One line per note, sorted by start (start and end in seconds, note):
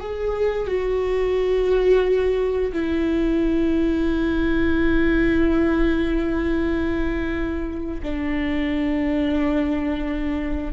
0.00 0.68 G#4
0.68 2.72 F#4
2.73 8.01 E4
8.03 10.73 D4